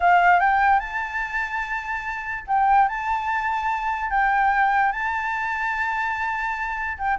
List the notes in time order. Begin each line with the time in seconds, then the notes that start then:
0.00 F5
0.40 G5
0.79 A5
2.47 G5
2.88 A5
4.10 G5
4.91 A5
6.98 G5